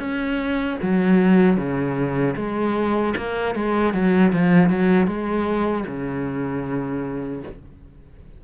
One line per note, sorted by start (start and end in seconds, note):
0.00 0.78 C#4
0.83 1.58 F#3
1.58 2.36 C#3
2.37 3.15 G#3
3.17 3.56 A#3
3.56 3.94 G#3
3.94 4.33 F#3
4.33 4.70 F3
4.70 5.08 F#3
5.08 5.85 G#3
5.88 7.43 C#3